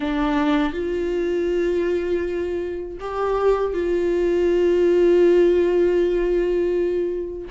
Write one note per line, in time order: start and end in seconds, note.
0.00 0.73 D4
0.73 2.98 F4
3.00 3.73 G4
3.73 7.48 F4